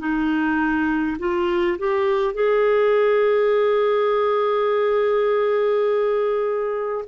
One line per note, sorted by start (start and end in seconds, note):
0.00 1.18 D#4
1.19 1.78 F4
1.79 2.35 G4
2.35 7.05 G#4